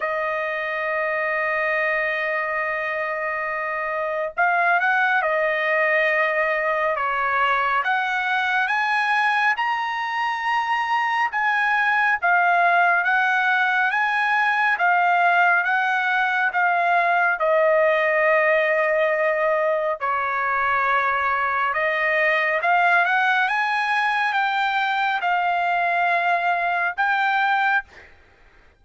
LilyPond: \new Staff \with { instrumentName = "trumpet" } { \time 4/4 \tempo 4 = 69 dis''1~ | dis''4 f''8 fis''8 dis''2 | cis''4 fis''4 gis''4 ais''4~ | ais''4 gis''4 f''4 fis''4 |
gis''4 f''4 fis''4 f''4 | dis''2. cis''4~ | cis''4 dis''4 f''8 fis''8 gis''4 | g''4 f''2 g''4 | }